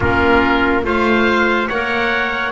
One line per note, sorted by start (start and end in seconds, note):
0.00 0.83 A#3
0.00 0.82 C#4
0.00 0.84 F4
0.00 0.85 A#4
0.82 1.68 A3
0.82 1.67 F4
0.82 1.67 C5
0.82 1.68 F5
1.67 2.52 A#3
1.67 2.52 A#4
1.67 2.52 C#5
1.67 2.52 F#5